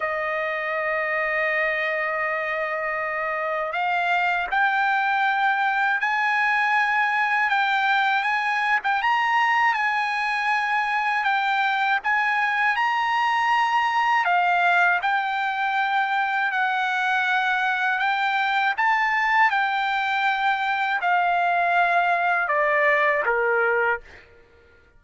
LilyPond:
\new Staff \with { instrumentName = "trumpet" } { \time 4/4 \tempo 4 = 80 dis''1~ | dis''4 f''4 g''2 | gis''2 g''4 gis''8. g''16 | ais''4 gis''2 g''4 |
gis''4 ais''2 f''4 | g''2 fis''2 | g''4 a''4 g''2 | f''2 d''4 ais'4 | }